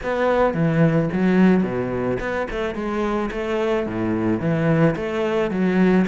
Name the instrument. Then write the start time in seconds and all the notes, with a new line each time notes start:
cello
0.03 B3
0.54 E3
1.12 F#3
1.63 B2
2.19 B3
2.50 A3
2.74 G#3
3.31 A3
3.86 A2
4.40 E3
4.96 A3
5.50 F#3